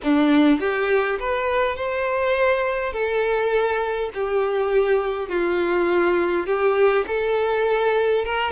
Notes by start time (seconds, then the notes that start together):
0.03 D4
0.60 G4
1.19 B4
1.76 C5
2.93 A4
4.14 G4
5.28 F4
6.46 G4
7.07 A4
8.24 A#4